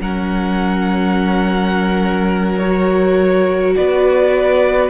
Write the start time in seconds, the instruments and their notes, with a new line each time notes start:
0.00 cello F#3, viola C#4, violin A#4 F#5
2.58 viola F#4, violin C#5
3.75 cello B3, violin B4 D5